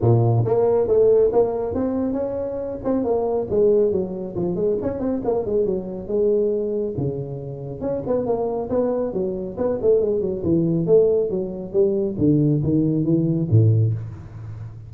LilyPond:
\new Staff \with { instrumentName = "tuba" } { \time 4/4 \tempo 4 = 138 ais,4 ais4 a4 ais4 | c'4 cis'4. c'8 ais4 | gis4 fis4 f8 gis8 cis'8 c'8 | ais8 gis8 fis4 gis2 |
cis2 cis'8 b8 ais4 | b4 fis4 b8 a8 gis8 fis8 | e4 a4 fis4 g4 | d4 dis4 e4 a,4 | }